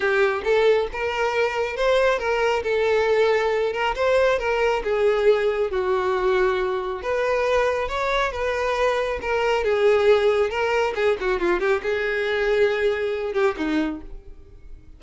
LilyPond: \new Staff \with { instrumentName = "violin" } { \time 4/4 \tempo 4 = 137 g'4 a'4 ais'2 | c''4 ais'4 a'2~ | a'8 ais'8 c''4 ais'4 gis'4~ | gis'4 fis'2. |
b'2 cis''4 b'4~ | b'4 ais'4 gis'2 | ais'4 gis'8 fis'8 f'8 g'8 gis'4~ | gis'2~ gis'8 g'8 dis'4 | }